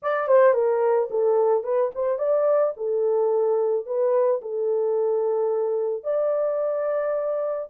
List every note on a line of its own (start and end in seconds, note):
0.02 0.27 D5
0.27 0.53 C5
0.53 1.08 A#4
1.10 1.63 A4
1.63 1.91 B4
1.94 2.18 C5
2.18 2.73 D5
2.76 3.86 A4
3.86 4.41 B4
4.41 6.03 A4
6.03 7.68 D5